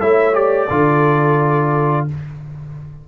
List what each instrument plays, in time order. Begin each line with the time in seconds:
0.00 tuba A3, trombone E4, horn C#5, trumpet E5
0.33 trombone G4, trumpet D5
0.68 tuba D3, trombone F4, horn A4